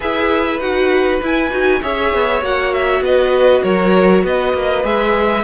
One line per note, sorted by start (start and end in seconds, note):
0.00 0.59 E4
0.00 0.58 G#4
0.00 1.80 B4
0.00 0.59 E5
0.59 1.20 D#4
0.59 1.21 F#4
0.59 1.20 F#5
1.21 1.51 E4
1.21 1.50 E4
1.21 1.82 G#5
1.50 1.81 D#4
1.50 1.81 F#4
1.81 2.13 C#4
1.81 2.42 G#4
1.81 3.03 C#5
1.81 2.43 E5
2.13 2.41 B3
2.41 3.00 A#3
2.41 4.83 F#4
2.41 2.73 F#5
2.73 3.03 E5
3.00 3.61 B3
3.00 3.63 B4
3.00 3.62 D#5
3.62 4.23 F#3
3.62 4.23 A#4
3.62 4.23 C#5
4.23 4.53 B3
4.23 5.43 B4
4.23 4.85 D#5
4.53 4.83 A#3
4.83 5.43 G#3
4.83 5.43 G#4
4.83 5.43 E5